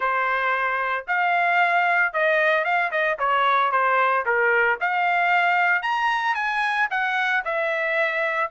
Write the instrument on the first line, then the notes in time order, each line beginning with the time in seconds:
trumpet
0.00 C5
1.07 F5
2.13 D#5
2.64 F5
2.91 D#5
3.19 C#5
3.71 C5
4.25 A#4
4.80 F5
5.82 A#5
6.35 G#5
6.90 F#5
7.44 E5